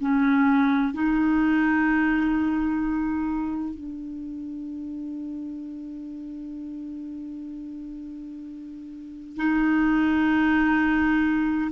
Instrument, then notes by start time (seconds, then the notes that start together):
clarinet
0.00 C#4
0.93 D#4
3.74 D4
9.36 D#4